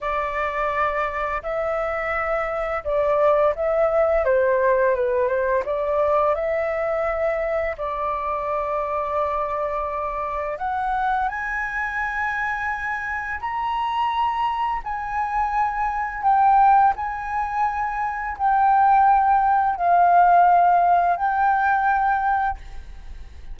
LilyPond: \new Staff \with { instrumentName = "flute" } { \time 4/4 \tempo 4 = 85 d''2 e''2 | d''4 e''4 c''4 b'8 c''8 | d''4 e''2 d''4~ | d''2. fis''4 |
gis''2. ais''4~ | ais''4 gis''2 g''4 | gis''2 g''2 | f''2 g''2 | }